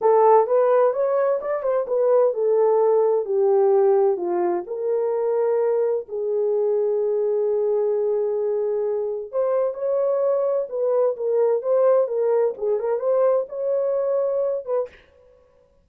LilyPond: \new Staff \with { instrumentName = "horn" } { \time 4/4 \tempo 4 = 129 a'4 b'4 cis''4 d''8 c''8 | b'4 a'2 g'4~ | g'4 f'4 ais'2~ | ais'4 gis'2.~ |
gis'1 | c''4 cis''2 b'4 | ais'4 c''4 ais'4 gis'8 ais'8 | c''4 cis''2~ cis''8 b'8 | }